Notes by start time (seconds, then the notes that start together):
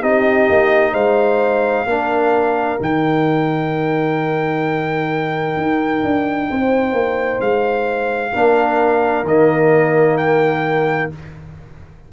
0.00 C4 D#4 G4 D#5
0.49 A#3
0.92 G#3 C5 F5
1.85 A#3 D4 A#4
2.78 D#3 D#4 G5
5.57 D#4
6.03 D4
6.50 C4 C5
6.92 A#3
7.39 G#3 F5
8.32 A#3 D4 A#4
9.23 D#3 A#3 D#5
10.17 G5